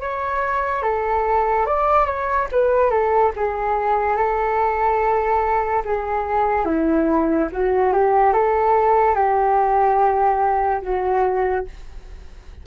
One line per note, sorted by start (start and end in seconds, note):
0.00 0.82 C#5
0.82 1.66 A4
1.66 2.06 D5
2.06 2.47 C#5
2.51 2.90 B4
2.90 3.31 A4
3.35 4.16 G#4
4.16 5.83 A4
5.84 6.65 G#4
6.65 7.48 E4
7.52 7.92 F#4
7.92 8.33 G4
8.33 9.14 A4
9.14 10.81 G4
10.81 11.64 F#4